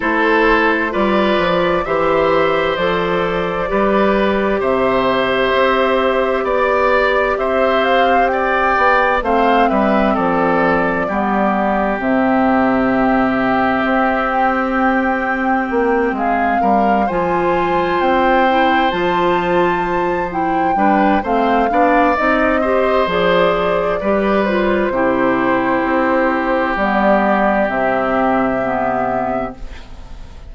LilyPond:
<<
  \new Staff \with { instrumentName = "flute" } { \time 4/4 \tempo 4 = 65 c''4 d''4 e''4 d''4~ | d''4 e''2 d''4 | e''8 f''8 g''4 f''8 e''8 d''4~ | d''4 e''2~ e''8 g''8~ |
g''4. f''4 gis''4 g''8~ | g''8 a''4. g''4 f''4 | dis''4 d''4. c''4.~ | c''4 d''4 e''2 | }
  \new Staff \with { instrumentName = "oboe" } { \time 4/4 a'4 b'4 c''2 | b'4 c''2 d''4 | c''4 d''4 c''8 b'8 a'4 | g'1~ |
g'4. gis'8 ais'8 c''4.~ | c''2~ c''8 b'8 c''8 d''8~ | d''8 c''4. b'4 g'4~ | g'1 | }
  \new Staff \with { instrumentName = "clarinet" } { \time 4/4 e'4 f'4 g'4 a'4 | g'1~ | g'2 c'2 | b4 c'2.~ |
c'2~ c'8 f'4. | e'8 f'4. e'8 d'8 c'8 d'8 | dis'8 g'8 gis'4 g'8 f'8 e'4~ | e'4 b4 c'4 b4 | }
  \new Staff \with { instrumentName = "bassoon" } { \time 4/4 a4 g8 f8 e4 f4 | g4 c4 c'4 b4 | c'4. b8 a8 g8 f4 | g4 c2 c'4~ |
c'4 ais8 gis8 g8 f4 c'8~ | c'8 f2 g8 a8 b8 | c'4 f4 g4 c4 | c'4 g4 c2 | }
>>